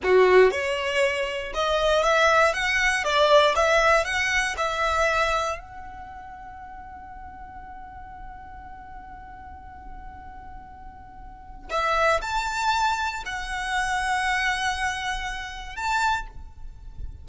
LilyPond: \new Staff \with { instrumentName = "violin" } { \time 4/4 \tempo 4 = 118 fis'4 cis''2 dis''4 | e''4 fis''4 d''4 e''4 | fis''4 e''2 fis''4~ | fis''1~ |
fis''1~ | fis''2. e''4 | a''2 fis''2~ | fis''2. a''4 | }